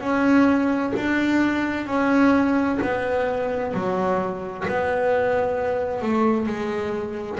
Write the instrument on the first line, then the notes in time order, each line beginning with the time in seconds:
double bass
0.00 C#4
0.96 D4
1.86 C#4
2.82 B3
3.73 F#3
4.67 B3
6.01 A3
6.46 G#3